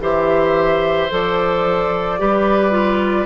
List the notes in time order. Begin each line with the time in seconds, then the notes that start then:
0.00 E3 G4 C5 E5
1.10 F3 A4 D5
2.19 G3 G4 B4
2.71 F4